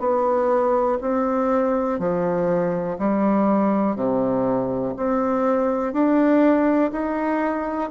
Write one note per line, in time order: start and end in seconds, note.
0.00 0.98 B3
1.01 1.99 C4
1.99 2.98 F3
2.99 3.96 G3
3.96 4.94 C3
4.97 5.93 C4
5.93 6.92 D4
6.92 7.90 D#4